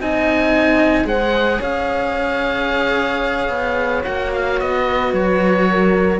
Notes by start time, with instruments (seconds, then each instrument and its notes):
0.00 cello C4 D#4, horn D#5, oboe G#5
1.05 cello G#3 G#4, horn C5, oboe F#5
1.58 cello C#4, horn C#5, oboe F5
3.49 cello B3
4.03 cello A#3 F#4, oboe F#5
4.34 oboe F5
4.60 cello B3, oboe D#5
4.88 horn B4
5.13 cello F#3, oboe C#5
5.70 horn A#4